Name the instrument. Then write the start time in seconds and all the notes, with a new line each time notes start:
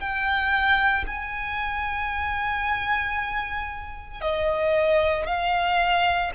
violin
0.00 G5
1.07 G#5
4.22 D#5
5.27 F5